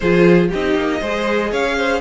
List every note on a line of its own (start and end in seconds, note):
0.00 0.51 F3
0.00 0.52 F4
0.00 0.48 G#4
0.00 0.47 C5
0.48 0.75 C4
0.48 1.02 D#4
0.48 0.99 G4
0.48 1.53 D#5
0.75 1.00 A#3
1.00 1.52 G#3
1.00 2.01 G#4
1.00 1.50 C5
1.51 2.01 C#4
1.51 1.76 C#5
1.51 2.01 F5
1.76 2.01 C5